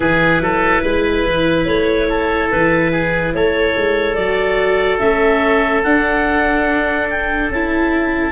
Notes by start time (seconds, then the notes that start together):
0.00 E3 E4 G#4 B4
0.40 F#3 A4
0.82 G#3 B4
1.24 E3
1.65 A3 C#5
2.09 A4
2.51 E3 B4
2.91 G#4
3.33 A3 A4 C#5
3.76 G#3
4.15 F#3 F#4 D5
4.99 A3 C#4 E5
5.83 D4 F#5
7.09 G5
7.49 C#4 E4 A5